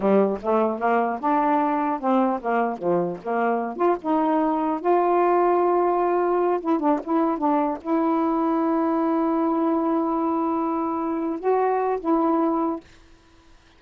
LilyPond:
\new Staff \with { instrumentName = "saxophone" } { \time 4/4 \tempo 4 = 150 g4 a4 ais4 d'4~ | d'4 c'4 ais4 f4 | ais4. f'8 dis'2 | f'1~ |
f'8 e'8 d'8 e'4 d'4 e'8~ | e'1~ | e'1~ | e'8 fis'4. e'2 | }